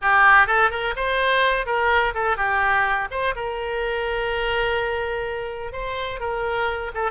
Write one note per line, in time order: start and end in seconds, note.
0.01 0.47 G4
0.47 0.70 A4
0.70 0.94 A#4
0.95 1.66 C5
1.66 2.13 A#4
2.14 2.37 A4
2.37 3.08 G4
3.10 3.34 C5
3.35 5.72 A#4
5.72 6.20 C5
6.20 6.91 A#4
6.94 7.11 A4